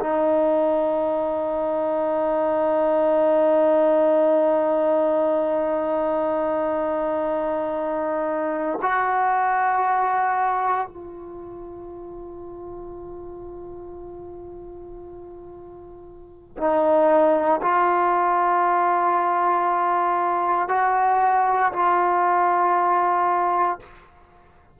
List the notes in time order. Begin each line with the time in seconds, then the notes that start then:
0.00 D#4
8.82 F#4
10.88 F4
16.58 D#4
17.62 F4
20.69 F#4
21.73 F4